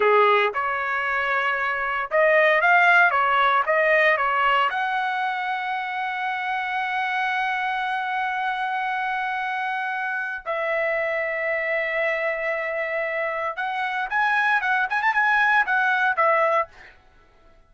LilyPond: \new Staff \with { instrumentName = "trumpet" } { \time 4/4 \tempo 4 = 115 gis'4 cis''2. | dis''4 f''4 cis''4 dis''4 | cis''4 fis''2.~ | fis''1~ |
fis''1 | e''1~ | e''2 fis''4 gis''4 | fis''8 gis''16 a''16 gis''4 fis''4 e''4 | }